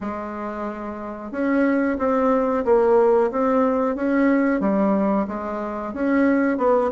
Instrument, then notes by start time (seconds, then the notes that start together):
bassoon
0.01 G#3
1.31 C#4
1.98 C4
2.64 A#3
3.31 C4
3.95 C#4
4.60 G3
5.27 G#3
5.93 C#4
6.57 B3